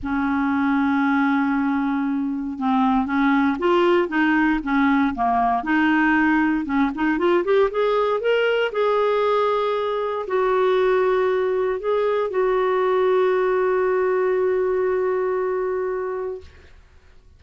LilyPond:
\new Staff \with { instrumentName = "clarinet" } { \time 4/4 \tempo 4 = 117 cis'1~ | cis'4 c'4 cis'4 f'4 | dis'4 cis'4 ais4 dis'4~ | dis'4 cis'8 dis'8 f'8 g'8 gis'4 |
ais'4 gis'2. | fis'2. gis'4 | fis'1~ | fis'1 | }